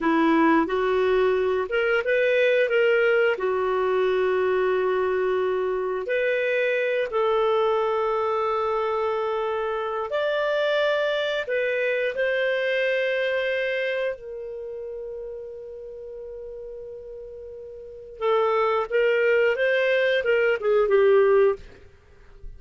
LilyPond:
\new Staff \with { instrumentName = "clarinet" } { \time 4/4 \tempo 4 = 89 e'4 fis'4. ais'8 b'4 | ais'4 fis'2.~ | fis'4 b'4. a'4.~ | a'2. d''4~ |
d''4 b'4 c''2~ | c''4 ais'2.~ | ais'2. a'4 | ais'4 c''4 ais'8 gis'8 g'4 | }